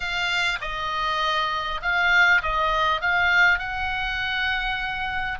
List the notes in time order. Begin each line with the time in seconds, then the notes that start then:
0.00 F5
0.61 D#5
1.82 F5
2.42 D#5
3.01 F5
3.58 F#5